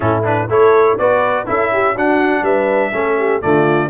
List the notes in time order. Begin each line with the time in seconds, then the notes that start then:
0.00 A2 C#4 E4 A4
0.23 D4 B4
0.48 A3 E4 A4 C#5
0.98 B3 F#4 B4 D5
1.46 C#4 E4 A4 E5
1.72 G4
1.94 D4 F#4 F#5
2.42 G3 B4 E5
2.92 A3 C#4 A4
3.18 G4
3.41 D3 A3 F4 D5